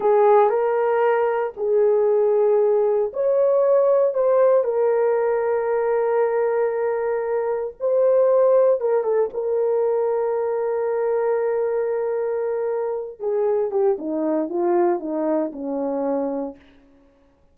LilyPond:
\new Staff \with { instrumentName = "horn" } { \time 4/4 \tempo 4 = 116 gis'4 ais'2 gis'4~ | gis'2 cis''2 | c''4 ais'2.~ | ais'2. c''4~ |
c''4 ais'8 a'8 ais'2~ | ais'1~ | ais'4. gis'4 g'8 dis'4 | f'4 dis'4 cis'2 | }